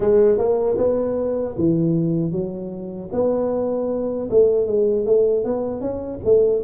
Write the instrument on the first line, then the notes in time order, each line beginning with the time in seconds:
tuba
0.00 G#3
0.38 A#3
0.77 B3
1.57 E3
2.31 F#3
3.12 B3
4.30 A3
4.66 G#3
5.05 A3
5.44 B3
5.81 C#4
6.24 A3